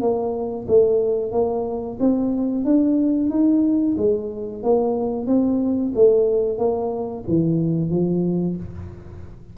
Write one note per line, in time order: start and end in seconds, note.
0.00 0.66 A#3
0.67 1.31 A3
1.31 1.97 A#3
1.99 2.64 C4
2.64 3.29 D4
3.29 3.95 D#4
3.97 4.62 G#3
4.62 5.26 A#3
5.26 5.92 C4
5.95 6.58 A3
6.58 7.24 A#3
7.27 7.90 E3
7.90 8.56 F3